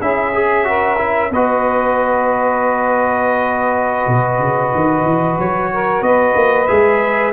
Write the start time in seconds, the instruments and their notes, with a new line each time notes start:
0.00 tuba C#4, trombone E4, saxophone G#4, trumpet E5
0.34 trombone G#4
0.64 trombone F#4, saxophone A#4
0.98 trombone E4
1.30 tuba B3, trombone F#4, saxophone B4, trumpet D#5
4.07 tuba B2
4.38 tuba C#3
4.74 tuba D#3
5.04 tuba E3
5.38 tuba F#3, trumpet C#5
5.72 saxophone A#4
6.01 tuba B3, saxophone B4, trumpet D#5
6.34 tuba A#3
6.67 tuba G#3, trombone G#4, trumpet E5